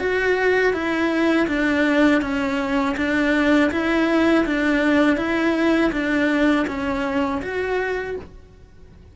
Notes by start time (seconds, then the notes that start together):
0.00 F#4
0.74 E4
1.48 D4
2.22 C#4
2.97 D4
3.71 E4
4.46 D4
5.17 E4
5.93 D4
6.68 C#4
7.42 F#4